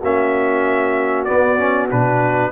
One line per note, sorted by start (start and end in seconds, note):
0.00 1.28 A#3
0.00 1.27 C#4
0.00 2.50 F#4
0.00 1.25 E5
1.25 1.58 B3
1.25 1.92 B3
1.25 1.87 D5
1.58 1.89 C#4
1.90 2.52 B2
1.90 2.52 D4
1.90 2.52 B4